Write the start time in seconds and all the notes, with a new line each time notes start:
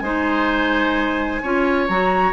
0.00 G#3 D#4 C5 G#5
1.43 C#4 F4 C#5
1.88 F#3 F#4 A#5